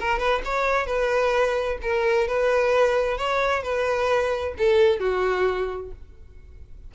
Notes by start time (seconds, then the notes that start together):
0.00 A#4
0.19 B4
0.45 C#5
0.86 B4
1.82 A#4
2.28 B4
3.17 C#5
3.63 B4
4.58 A4
4.99 F#4